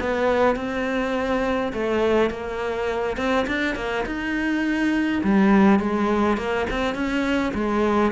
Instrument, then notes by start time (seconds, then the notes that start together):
cello
0.00 B3
0.56 C4
1.73 A3
2.30 A#3
3.17 C4
3.47 D4
3.75 A#3
4.05 D#4
5.23 G3
5.79 G#3
6.37 A#3
6.70 C4
6.94 C#4
7.54 G#3